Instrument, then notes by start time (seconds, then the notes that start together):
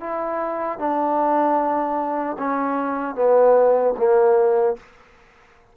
trombone
0.00 E4
0.79 D4
2.38 C#4
3.15 B3
3.98 A#3